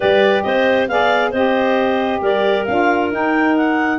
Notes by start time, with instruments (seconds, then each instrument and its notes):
0.00 tuba G3, saxophone G4, clarinet B4 D5
0.42 tuba C4, clarinet C5 D#5
0.88 tuba B3, saxophone G#4, clarinet D5 F5
1.30 tuba C4, saxophone G4, clarinet C5 D#5
2.21 tuba G3, clarinet A#4 D5
2.65 tuba D4, saxophone F4, clarinet F5
3.12 saxophone D#4, tuba D#4, clarinet G5
3.56 clarinet F#5